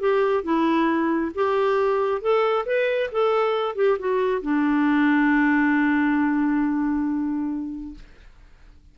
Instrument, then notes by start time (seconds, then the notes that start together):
clarinet
0.00 G4
0.44 E4
1.35 G4
2.21 A4
2.66 B4
3.12 A4
3.76 G4
3.99 F#4
4.42 D4